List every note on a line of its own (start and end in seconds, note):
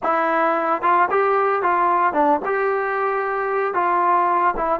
0.03 0.82 E4
0.82 1.08 F4
1.10 1.62 G4
1.62 2.13 F4
2.13 2.40 D4
2.45 3.74 G4
3.74 4.54 F4
4.57 4.79 E4